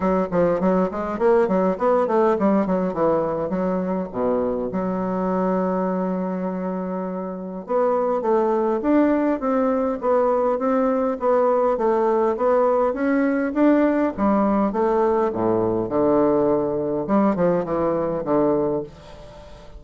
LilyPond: \new Staff \with { instrumentName = "bassoon" } { \time 4/4 \tempo 4 = 102 fis8 f8 fis8 gis8 ais8 fis8 b8 a8 | g8 fis8 e4 fis4 b,4 | fis1~ | fis4 b4 a4 d'4 |
c'4 b4 c'4 b4 | a4 b4 cis'4 d'4 | g4 a4 a,4 d4~ | d4 g8 f8 e4 d4 | }